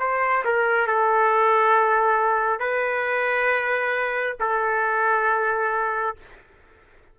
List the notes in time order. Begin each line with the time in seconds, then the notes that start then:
0.00 C5
0.45 A#4
0.88 A4
2.60 B4
4.40 A4